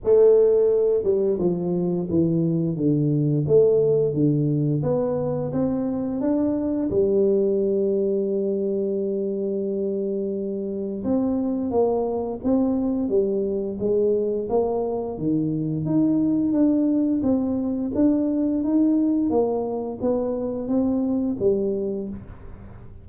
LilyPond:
\new Staff \with { instrumentName = "tuba" } { \time 4/4 \tempo 4 = 87 a4. g8 f4 e4 | d4 a4 d4 b4 | c'4 d'4 g2~ | g1 |
c'4 ais4 c'4 g4 | gis4 ais4 dis4 dis'4 | d'4 c'4 d'4 dis'4 | ais4 b4 c'4 g4 | }